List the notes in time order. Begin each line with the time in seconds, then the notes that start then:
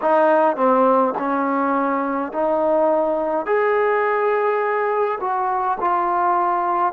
0.01 D#4
0.56 C4
1.18 C#4
2.32 D#4
3.46 G#4
5.20 F#4
5.80 F4